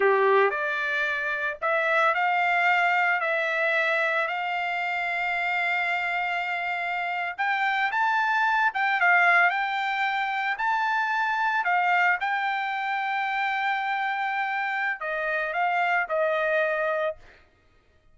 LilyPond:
\new Staff \with { instrumentName = "trumpet" } { \time 4/4 \tempo 4 = 112 g'4 d''2 e''4 | f''2 e''2 | f''1~ | f''4.~ f''16 g''4 a''4~ a''16~ |
a''16 g''8 f''4 g''2 a''16~ | a''4.~ a''16 f''4 g''4~ g''16~ | g''1 | dis''4 f''4 dis''2 | }